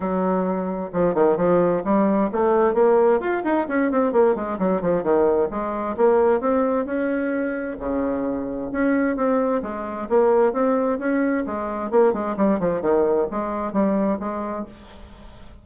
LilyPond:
\new Staff \with { instrumentName = "bassoon" } { \time 4/4 \tempo 4 = 131 fis2 f8 dis8 f4 | g4 a4 ais4 f'8 dis'8 | cis'8 c'8 ais8 gis8 fis8 f8 dis4 | gis4 ais4 c'4 cis'4~ |
cis'4 cis2 cis'4 | c'4 gis4 ais4 c'4 | cis'4 gis4 ais8 gis8 g8 f8 | dis4 gis4 g4 gis4 | }